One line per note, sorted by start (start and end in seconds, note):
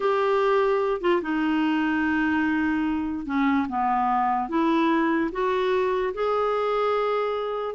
0.00 1.01 G4
1.01 1.21 F4
1.22 3.25 D#4
3.25 3.66 C#4
3.68 4.48 B3
4.48 5.30 E4
5.32 6.13 F#4
6.14 7.75 G#4